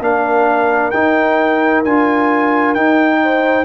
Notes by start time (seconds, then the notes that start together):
0.00 A#3 D4 A#4 F5
0.91 D#4 G5
1.84 D4 F4 G#5
2.74 D#4 G5
3.23 C5